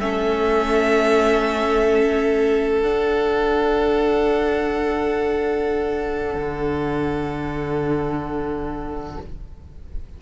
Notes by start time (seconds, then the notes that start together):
0.00 A3 C#4 A4 E5
2.82 D4 F#5
6.35 D3